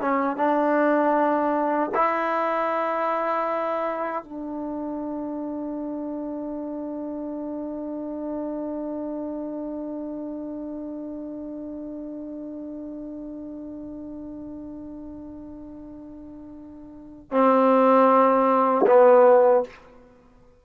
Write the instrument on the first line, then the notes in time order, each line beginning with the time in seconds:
trombone
0.00 C#4
0.36 D4
1.94 E4
4.23 D4
17.31 C4
18.86 B3